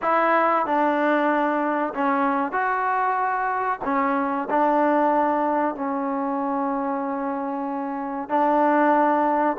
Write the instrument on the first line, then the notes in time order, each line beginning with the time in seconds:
trombone
0.02 E4
0.66 D4
1.94 C#4
2.52 F#4
3.84 C#4
4.49 D4
5.75 C#4
8.29 D4